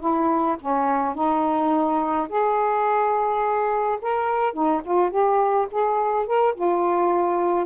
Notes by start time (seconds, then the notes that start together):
0.00 E4
0.60 C#4
1.14 D#4
2.29 G#4
4.01 A#4
4.53 D#4
4.84 F4
5.10 G4
5.71 G#4
6.26 A#4
6.55 F4